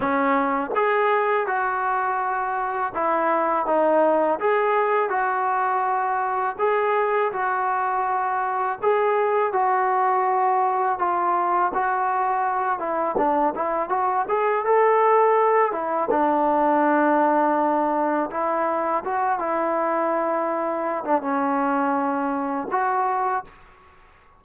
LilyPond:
\new Staff \with { instrumentName = "trombone" } { \time 4/4 \tempo 4 = 82 cis'4 gis'4 fis'2 | e'4 dis'4 gis'4 fis'4~ | fis'4 gis'4 fis'2 | gis'4 fis'2 f'4 |
fis'4. e'8 d'8 e'8 fis'8 gis'8 | a'4. e'8 d'2~ | d'4 e'4 fis'8 e'4.~ | e'8. d'16 cis'2 fis'4 | }